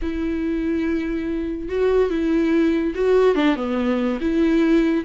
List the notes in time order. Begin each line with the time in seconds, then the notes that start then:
0.02 E4
1.68 F#4
2.10 E4
2.94 F#4
3.35 D4
3.56 B3
4.20 E4